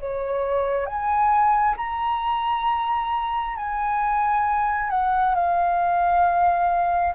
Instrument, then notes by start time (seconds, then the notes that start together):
flute
0.00 C#5
0.86 G#5
1.77 A#5
3.56 G#5
4.90 F#5
5.35 F5